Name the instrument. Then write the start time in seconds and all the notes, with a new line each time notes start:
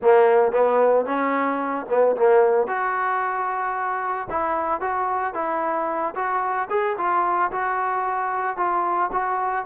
trombone
0.01 A#3
0.52 B3
1.05 C#4
1.89 B3
2.16 A#3
2.67 F#4
4.30 E4
4.80 F#4
5.34 E4
6.15 F#4
6.70 G#4
6.97 F4
7.51 F#4
8.56 F4
9.12 F#4